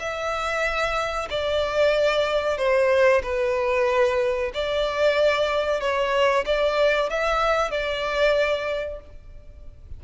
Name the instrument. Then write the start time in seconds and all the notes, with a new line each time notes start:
violin
0.00 E5
1.30 D5
2.58 C5
3.23 B4
4.54 D5
5.81 C#5
6.46 D5
7.10 E5
7.71 D5